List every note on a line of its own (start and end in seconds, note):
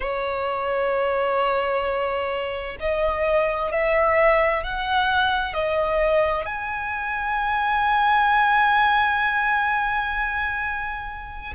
0.00 2.77 C#5
2.79 3.72 D#5
3.72 4.63 E5
4.63 5.53 F#5
5.53 6.45 D#5
6.45 11.53 G#5